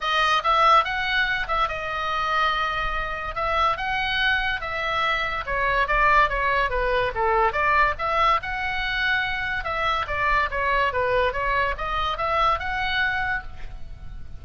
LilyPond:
\new Staff \with { instrumentName = "oboe" } { \time 4/4 \tempo 4 = 143 dis''4 e''4 fis''4. e''8 | dis''1 | e''4 fis''2 e''4~ | e''4 cis''4 d''4 cis''4 |
b'4 a'4 d''4 e''4 | fis''2. e''4 | d''4 cis''4 b'4 cis''4 | dis''4 e''4 fis''2 | }